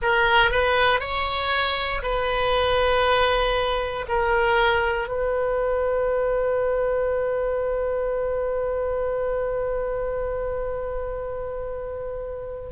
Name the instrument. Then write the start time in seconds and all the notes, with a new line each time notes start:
oboe
0.02 A#4
0.50 B4
1.00 C#5
2.02 B4
4.08 A#4
5.08 B4